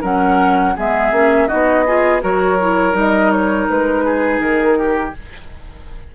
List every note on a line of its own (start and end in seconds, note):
0.00 0.75 F#3
0.00 0.75 C#4
0.00 0.73 A#4
0.00 0.77 F#5
0.76 1.11 G#3
0.76 1.12 B3
0.76 1.48 G#4
0.76 1.47 E5
1.11 1.48 A#3
1.11 1.48 C#4
1.47 2.23 B3
1.47 1.84 D#4
1.47 1.84 F#4
1.47 2.20 D#5
1.86 2.21 F4
1.86 2.22 G#4
2.21 2.94 F#3
2.21 2.57 F#4
2.21 4.05 A#4
2.21 2.97 C#5
2.60 2.92 E4
2.92 3.67 G3
2.92 5.12 D#4
2.99 3.31 D#5
3.31 3.67 C#5
3.69 4.39 G#3
3.69 4.40 B4
4.05 4.78 G#4
4.39 5.13 D#3
4.39 5.13 A#4
4.78 5.14 G4